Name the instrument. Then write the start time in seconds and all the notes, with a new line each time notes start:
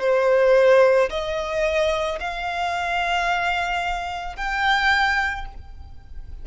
violin
0.00 C5
1.10 D#5
2.20 F5
4.36 G5